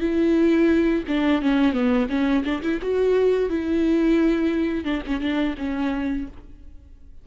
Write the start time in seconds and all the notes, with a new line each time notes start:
0.00 E4
1.08 D4
1.42 C#4
1.72 B3
2.09 C#4
2.44 D4
2.62 E4
2.82 F#4
3.49 E4
4.84 D4
5.06 C#4
5.20 D4
5.58 C#4